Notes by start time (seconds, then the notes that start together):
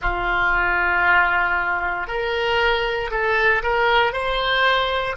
0.01 F4
2.07 A#4
3.10 A4
3.62 A#4
4.12 C5